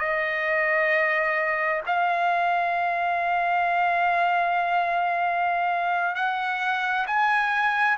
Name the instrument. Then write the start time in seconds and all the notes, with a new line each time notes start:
trumpet
0.00 D#5
1.87 F5
6.16 F#5
7.07 G#5